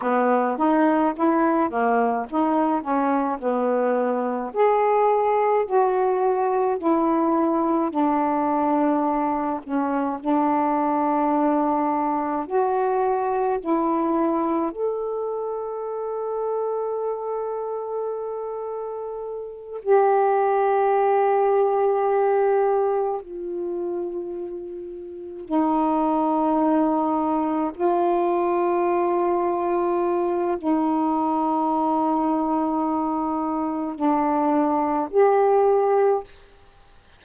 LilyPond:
\new Staff \with { instrumentName = "saxophone" } { \time 4/4 \tempo 4 = 53 b8 dis'8 e'8 ais8 dis'8 cis'8 b4 | gis'4 fis'4 e'4 d'4~ | d'8 cis'8 d'2 fis'4 | e'4 a'2.~ |
a'4. g'2~ g'8~ | g'8 f'2 dis'4.~ | dis'8 f'2~ f'8 dis'4~ | dis'2 d'4 g'4 | }